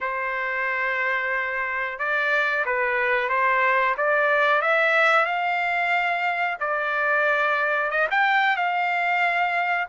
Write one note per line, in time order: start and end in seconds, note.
0.01 1.98 C5
1.98 2.64 D5
2.65 3.29 B4
3.29 3.95 C5
3.97 4.61 D5
4.61 5.25 E5
5.25 6.57 F5
6.60 7.91 D5
7.91 8.07 D#5
8.10 8.56 G5
8.56 9.88 F5